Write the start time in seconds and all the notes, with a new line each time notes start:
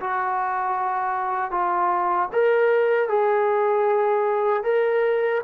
0.00 F#4
1.51 F4
2.32 A#4
3.09 G#4
4.63 A#4